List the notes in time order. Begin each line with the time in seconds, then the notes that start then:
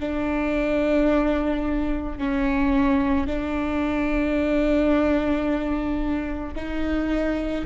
0.00 D4
2.18 C#4
3.27 D4
6.56 D#4